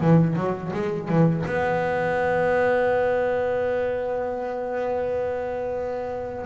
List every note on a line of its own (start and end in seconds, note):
0.00 0.36 E3
0.36 0.71 F#3
0.73 1.08 G#3
1.08 1.44 E3
1.45 6.45 B3